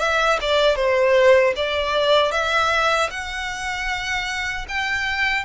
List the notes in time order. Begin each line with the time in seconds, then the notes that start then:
0.00 E5
0.41 D5
0.76 C5
1.57 D5
2.32 E5
3.11 F#5
4.69 G5